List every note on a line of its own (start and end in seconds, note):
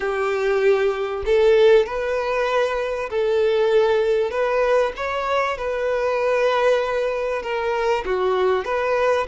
0.00 1.23 G4
1.25 1.86 A4
1.86 3.09 B4
3.09 4.30 A4
4.30 4.92 B4
4.96 5.57 C#5
5.57 7.42 B4
7.42 8.04 A#4
8.05 8.65 F#4
8.65 9.26 B4